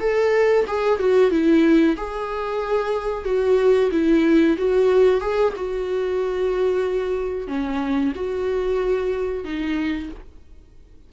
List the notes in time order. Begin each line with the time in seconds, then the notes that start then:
0.00 A4
0.67 G#4
0.99 F#4
1.31 E4
1.97 G#4
3.25 F#4
3.91 E4
4.57 F#4
5.21 G#4
5.56 F#4
7.47 C#4
8.15 F#4
9.44 D#4